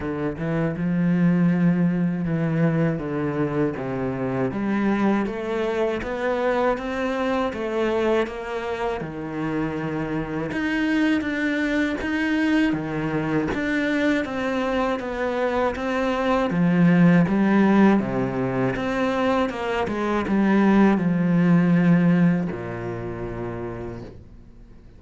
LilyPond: \new Staff \with { instrumentName = "cello" } { \time 4/4 \tempo 4 = 80 d8 e8 f2 e4 | d4 c4 g4 a4 | b4 c'4 a4 ais4 | dis2 dis'4 d'4 |
dis'4 dis4 d'4 c'4 | b4 c'4 f4 g4 | c4 c'4 ais8 gis8 g4 | f2 ais,2 | }